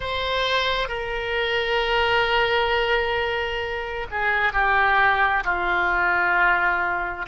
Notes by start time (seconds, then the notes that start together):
0.00 C5
0.88 A#4
4.10 G#4
4.52 G4
5.44 F4